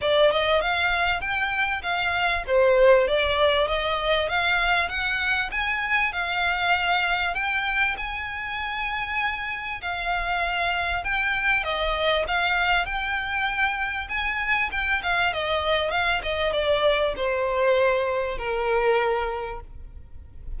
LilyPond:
\new Staff \with { instrumentName = "violin" } { \time 4/4 \tempo 4 = 98 d''8 dis''8 f''4 g''4 f''4 | c''4 d''4 dis''4 f''4 | fis''4 gis''4 f''2 | g''4 gis''2. |
f''2 g''4 dis''4 | f''4 g''2 gis''4 | g''8 f''8 dis''4 f''8 dis''8 d''4 | c''2 ais'2 | }